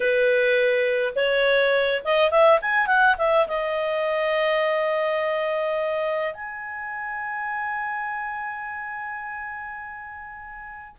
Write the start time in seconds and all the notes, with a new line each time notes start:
0.00 B4
1.15 C#5
2.04 D#5
2.31 E5
2.61 G#5
2.86 F#5
3.18 E5
3.47 D#5
6.33 G#5